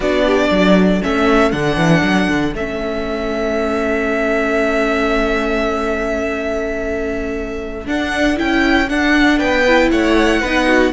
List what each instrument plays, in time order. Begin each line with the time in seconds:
0.00 cello B3, viola D4, violin F#4 D5
0.25 violin G4
0.50 cello F#3, violin A4
1.02 cello A3, viola C#4, violin E5
1.51 cello D3, viola D4, violin F#5
1.76 cello E3
2.02 cello F#3
2.28 cello D3
2.53 cello A3, viola C#4, violin E5
7.85 viola D4, cello D4, violin F#5
8.36 cello C#4, viola E4, violin G5
8.88 viola D4, cello D4, violin F#5
9.38 cello B3, violin B4 G5
9.67 viola E4
9.91 cello A3, violin C#5 F#5
10.40 cello B3, viola D#4, violin B4
10.67 violin F#4